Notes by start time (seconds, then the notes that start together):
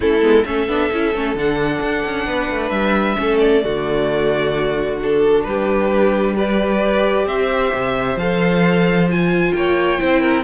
0.00 A3 C#4 E4 A4
0.21 G#3 B3
0.45 A3 C#4 A4 E5
0.67 B3 D4
0.92 C#4 E4
1.14 A3 C#4
1.34 D3 D4 F#5
1.80 D4
2.05 C#4
2.26 B3 B4
2.50 A3
2.69 G3 E5
3.16 A3 C#4 A4
3.39 D5
3.62 D3 A3 F#4
5.02 D4 A4
5.44 G3 G4 B4
6.35 G4 B4 D5
7.26 C4 C5 E5
7.74 C3
8.15 F3 A4 F5
9.09 F4 G#5
9.52 A#3 C#5 G5
9.98 C4 E4 C5
10.21 A#4